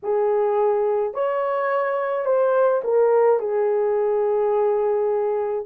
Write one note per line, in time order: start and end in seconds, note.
0.02 1.13 G#4
1.13 2.25 C#5
2.25 2.81 C5
2.84 3.39 A#4
3.39 5.66 G#4